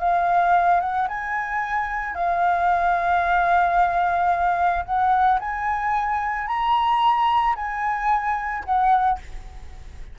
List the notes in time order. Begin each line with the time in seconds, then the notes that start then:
0.00 F5
0.81 F#5
1.08 G#5
2.15 F5
4.85 F#5
5.40 G#5
6.47 A#5
7.56 G#5
8.65 F#5